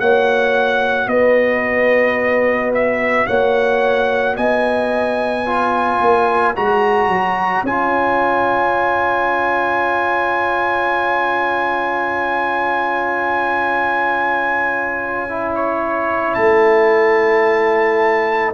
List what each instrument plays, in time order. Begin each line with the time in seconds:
0.00 tuba A#3, trombone F#4, horn C#5, trumpet F#5
1.07 tuba B3, horn B4, trumpet D#5
2.74 trumpet E5
3.27 tuba A#3, horn C#5, trumpet F#5
4.37 tuba B3, horn D#5, trumpet G#5
5.45 trombone F4, horn C#5
6.01 tuba A#3
6.56 tuba G#3, trombone F#4, trumpet A#5
7.07 tuba F#3
7.63 tuba C#4, trombone F4, trumpet G#5
15.29 trombone E4
15.55 trumpet C#5
16.34 tuba A3, trumpet A5